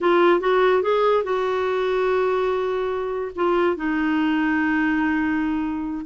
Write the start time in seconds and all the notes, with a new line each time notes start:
0.00 F4
0.40 F#4
0.82 G#4
1.23 F#4
3.35 F4
3.76 D#4